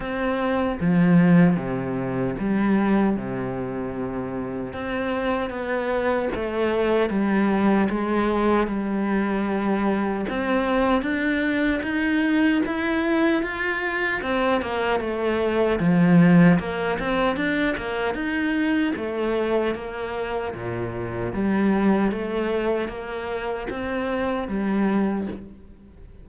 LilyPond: \new Staff \with { instrumentName = "cello" } { \time 4/4 \tempo 4 = 76 c'4 f4 c4 g4 | c2 c'4 b4 | a4 g4 gis4 g4~ | g4 c'4 d'4 dis'4 |
e'4 f'4 c'8 ais8 a4 | f4 ais8 c'8 d'8 ais8 dis'4 | a4 ais4 ais,4 g4 | a4 ais4 c'4 g4 | }